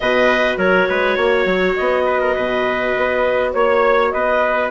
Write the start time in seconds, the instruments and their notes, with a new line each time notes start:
0.00 bassoon B2, viola F#4, trumpet B4, clarinet D#5
0.57 bassoon F#3, trumpet A#4, clarinet C#5
0.88 bassoon G#3, trumpet B4
1.16 bassoon A#3, trumpet C#5
1.45 bassoon F#3
1.75 bassoon B3, clarinet D#5
2.06 trumpet B4
2.20 trumpet A#4
2.35 bassoon B2, trumpet B4
2.96 bassoon B3
3.52 bassoon A#3, clarinet C#5, trumpet C#5
4.10 bassoon B3, trumpet B4, clarinet D#5